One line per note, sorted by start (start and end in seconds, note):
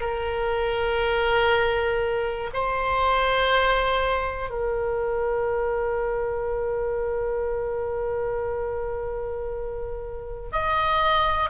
0.00 2.50 A#4
2.53 4.50 C5
4.50 10.50 A#4
10.52 11.50 D#5